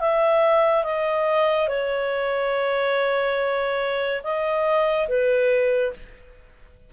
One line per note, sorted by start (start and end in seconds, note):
0.00 0.84 E5
0.84 1.68 D#5
1.68 4.22 C#5
4.23 5.08 D#5
5.08 5.93 B4